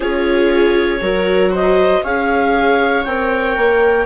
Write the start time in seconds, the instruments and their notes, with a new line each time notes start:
0.00 bassoon C#4, viola F4 G#4, clarinet C#5
1.00 bassoon F#3, viola F#4 A#4
1.51 viola C5, clarinet D#5
2.03 bassoon C#4, viola G#4 C#5, clarinet F5
3.04 bassoon C4, viola A#4, clarinet G5
3.56 bassoon A#3